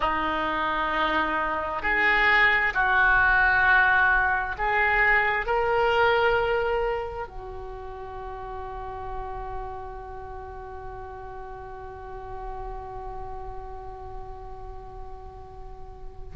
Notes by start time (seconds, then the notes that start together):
0.00 D#4
1.82 G#4
2.74 F#4
4.57 G#4
5.45 A#4
7.27 F#4